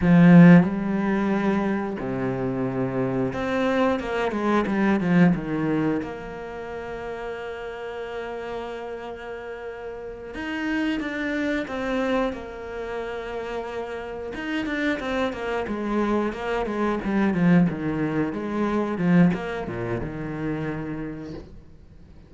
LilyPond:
\new Staff \with { instrumentName = "cello" } { \time 4/4 \tempo 4 = 90 f4 g2 c4~ | c4 c'4 ais8 gis8 g8 f8 | dis4 ais2.~ | ais2.~ ais8 dis'8~ |
dis'8 d'4 c'4 ais4.~ | ais4. dis'8 d'8 c'8 ais8 gis8~ | gis8 ais8 gis8 g8 f8 dis4 gis8~ | gis8 f8 ais8 ais,8 dis2 | }